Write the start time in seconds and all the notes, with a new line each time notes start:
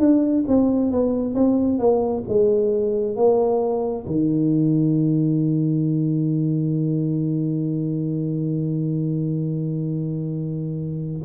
0.00 D4
0.48 C4
0.92 B3
1.35 C4
1.79 A#3
2.28 G#3
3.16 A#3
4.07 D#3